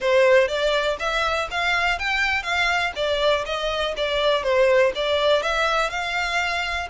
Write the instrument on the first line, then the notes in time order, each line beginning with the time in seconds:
violin
0.00 C5
0.48 D5
0.99 E5
1.50 F5
1.99 G5
2.42 F5
2.95 D5
3.45 D#5
3.96 D5
4.43 C5
4.95 D5
5.42 E5
5.90 F5